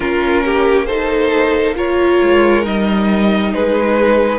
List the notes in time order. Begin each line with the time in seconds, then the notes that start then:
0.00 A#3 C#4 F4 A#4
0.44 G4
0.86 D#4 A4 C5
1.75 F4 A#4 C#5
2.22 G#3
2.63 G3 D#4 D#5
3.53 G#3 G#4 B4